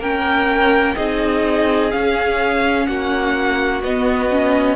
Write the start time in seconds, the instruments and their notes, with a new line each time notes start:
0.00 cello A#3, viola C#4, violin A#4 G5
0.96 cello C4, viola D#4, violin G#4 D#5
1.92 viola C#4, cello C#4, violin F5
2.87 cello A#3, violin F#4 F#5
3.83 cello B3, viola B3, violin D#5
4.31 viola C#4